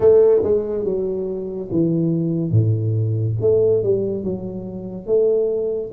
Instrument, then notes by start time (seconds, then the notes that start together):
tuba
0.00 A3
0.43 G#3
0.84 F#3
1.71 E3
2.51 A2
3.40 A3
3.83 G3
4.23 F#3
5.06 A3